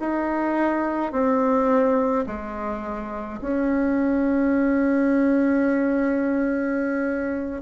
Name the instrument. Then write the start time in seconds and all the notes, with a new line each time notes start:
bassoon
0.00 D#4
1.12 C4
2.26 G#3
3.41 C#4